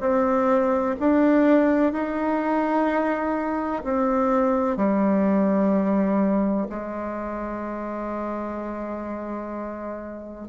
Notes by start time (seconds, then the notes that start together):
0.00 C4
0.99 D4
1.92 D#4
3.84 C4
4.77 G3
6.69 G#3